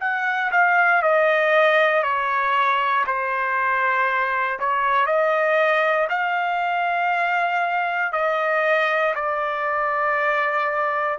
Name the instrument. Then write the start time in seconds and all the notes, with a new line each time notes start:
trumpet
0.00 F#5
0.51 F5
1.02 D#5
2.03 C#5
3.06 C5
4.59 C#5
5.06 D#5
6.10 F5
8.13 D#5
9.15 D5